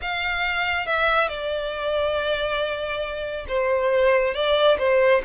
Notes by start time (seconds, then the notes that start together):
0.01 F5
0.86 E5
1.28 D5
3.48 C5
4.34 D5
4.78 C5